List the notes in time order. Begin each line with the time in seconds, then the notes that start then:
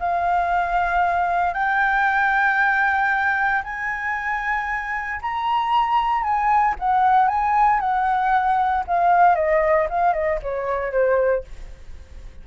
0.00 F5
1.54 G5
3.64 G#5
5.22 A#5
6.23 G#5
6.79 F#5
7.28 G#5
7.80 F#5
8.88 F5
9.36 D#5
9.90 F5
10.14 D#5
10.43 C#5
10.92 C5